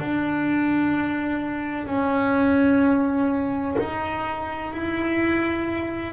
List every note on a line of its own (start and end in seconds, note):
0.00 1.86 D4
1.86 3.77 C#4
3.79 4.73 D#4
4.73 6.13 E4